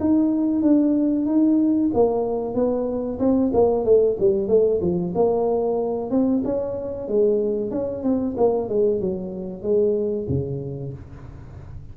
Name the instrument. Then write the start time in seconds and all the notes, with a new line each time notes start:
tuba
0.00 D#4
0.62 D4
1.26 D#4
1.93 A#3
2.54 B3
3.19 C4
3.53 A#3
3.84 A3
4.19 G3
4.48 A3
4.81 F3
5.15 A#3
6.10 C4
6.44 C#4
7.08 G#3
7.71 C#4
8.03 C4
8.37 A#3
8.69 G#3
9.00 F#3
9.62 G#3
10.28 C#3